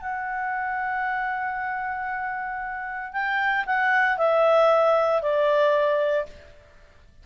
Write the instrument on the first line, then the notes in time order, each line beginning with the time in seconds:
clarinet
0.00 F#5
3.13 G5
3.66 F#5
4.17 E5
5.22 D5